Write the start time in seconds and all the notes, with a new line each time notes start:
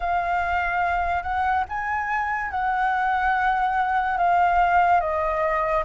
0.00 F5
1.22 F#5
1.69 G#5
2.50 F#5
4.17 F5
5.00 D#5